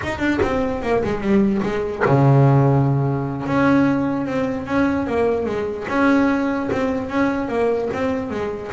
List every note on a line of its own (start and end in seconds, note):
0.03 0.18 D#4
0.18 0.39 D4
0.42 0.82 C4
0.82 1.02 A#3
1.04 1.21 G#3
1.21 1.61 G3
1.62 2.03 G#3
2.05 3.46 C#3
3.46 4.26 C#4
4.26 4.66 C4
4.66 5.07 C#4
5.07 5.45 A#3
5.45 5.86 G#3
5.88 6.69 C#4
6.72 7.09 C4
7.09 7.48 C#4
7.48 7.89 A#3
7.93 8.30 C4
8.30 8.71 G#3